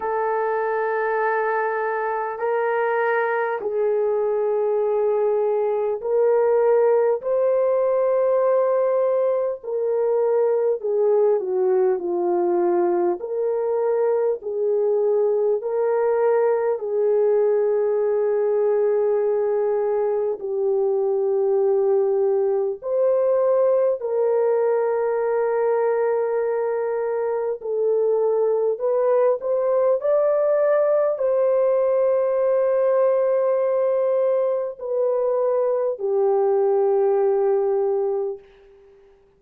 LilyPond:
\new Staff \with { instrumentName = "horn" } { \time 4/4 \tempo 4 = 50 a'2 ais'4 gis'4~ | gis'4 ais'4 c''2 | ais'4 gis'8 fis'8 f'4 ais'4 | gis'4 ais'4 gis'2~ |
gis'4 g'2 c''4 | ais'2. a'4 | b'8 c''8 d''4 c''2~ | c''4 b'4 g'2 | }